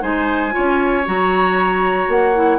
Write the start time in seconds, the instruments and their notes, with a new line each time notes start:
0.00 bassoon G#3, clarinet D#4, oboe C5, flute G#5
0.51 clarinet F4, oboe C#5
0.57 bassoon C#4
1.05 bassoon F#3, clarinet F#4, flute A#5
2.08 bassoon A#3, flute F#5
2.34 clarinet E4